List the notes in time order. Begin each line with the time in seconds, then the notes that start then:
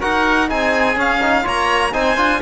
0.00 D#4 F#4 A#4 F#5
0.48 C4 D#4 G#4 G#5
0.96 C#4 F5
1.22 D#4
1.43 A#3 F4 C#5 A#5
1.93 C4 D#4 C5 G#5
2.16 D4 F4